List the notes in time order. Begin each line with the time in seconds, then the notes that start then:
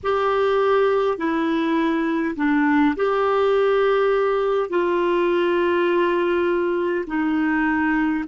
0.03 G4
1.17 E4
2.36 D4
2.96 G4
4.69 F4
7.06 D#4